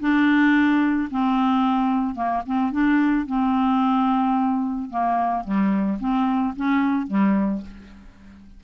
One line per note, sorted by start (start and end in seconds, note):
0.00 1.09 D4
1.11 2.15 C4
2.15 2.42 A#3
2.46 2.72 C4
2.72 3.27 D4
3.27 4.90 C4
4.90 5.44 A#3
5.44 5.99 G3
6.00 6.54 C4
6.56 7.07 C#4
7.07 7.61 G3